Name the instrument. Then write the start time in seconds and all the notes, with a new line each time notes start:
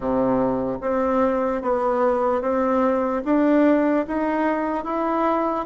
bassoon
0.00 C3
0.81 C4
1.61 B3
2.41 C4
3.24 D4
4.07 D#4
4.84 E4